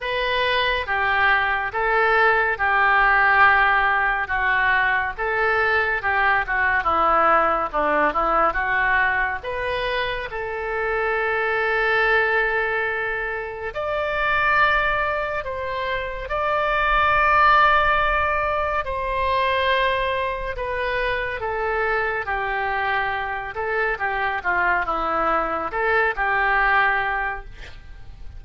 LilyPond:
\new Staff \with { instrumentName = "oboe" } { \time 4/4 \tempo 4 = 70 b'4 g'4 a'4 g'4~ | g'4 fis'4 a'4 g'8 fis'8 | e'4 d'8 e'8 fis'4 b'4 | a'1 |
d''2 c''4 d''4~ | d''2 c''2 | b'4 a'4 g'4. a'8 | g'8 f'8 e'4 a'8 g'4. | }